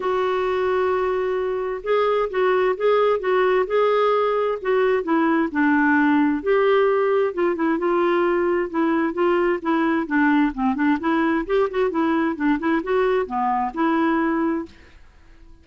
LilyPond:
\new Staff \with { instrumentName = "clarinet" } { \time 4/4 \tempo 4 = 131 fis'1 | gis'4 fis'4 gis'4 fis'4 | gis'2 fis'4 e'4 | d'2 g'2 |
f'8 e'8 f'2 e'4 | f'4 e'4 d'4 c'8 d'8 | e'4 g'8 fis'8 e'4 d'8 e'8 | fis'4 b4 e'2 | }